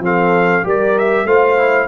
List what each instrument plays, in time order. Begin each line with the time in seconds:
0.00 tuba F3, trombone C4, horn A4, trumpet F5
0.64 tuba G3, trombone G4, horn A#4, trumpet D5
0.98 trumpet E5
1.25 tuba A3, trombone F4, horn C5, trumpet F5
1.57 trombone E4